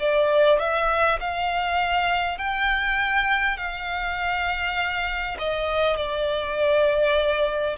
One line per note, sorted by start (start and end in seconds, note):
0.00 0.60 D5
0.60 1.20 E5
1.21 2.38 F5
2.38 3.58 G5
3.58 5.38 F5
5.39 5.97 D#5
5.97 7.77 D5